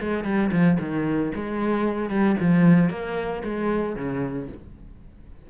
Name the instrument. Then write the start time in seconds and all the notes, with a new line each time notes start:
cello
0.00 G#3
0.24 G3
0.52 F3
0.80 D#3
1.35 G#3
2.10 G3
2.40 F3
2.90 A#3
3.44 G#3
3.96 C#3